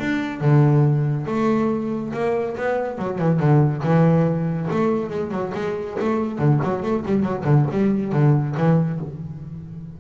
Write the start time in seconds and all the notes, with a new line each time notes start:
0.00 D4
0.41 D3
1.27 A3
2.14 A#3
2.57 B3
2.98 F#3
3.19 E3
3.40 D3
3.83 E3
4.71 A3
5.10 G#3
5.32 F#3
5.55 G#3
6.00 A3
6.39 D3
6.63 F#3
6.83 A3
7.06 G3
7.23 F#3
7.45 D3
7.71 G3
8.13 D3
8.57 E3